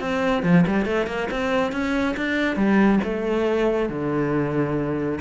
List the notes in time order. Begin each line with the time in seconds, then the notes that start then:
0.00 C4
0.43 F3
0.67 G3
0.85 A3
1.07 A#3
1.31 C4
1.72 C#4
2.17 D4
2.56 G3
3.04 A3
3.90 D3